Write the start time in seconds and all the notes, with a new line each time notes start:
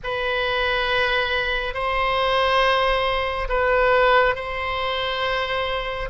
0.03 B4
1.74 C5
3.49 B4
4.35 C5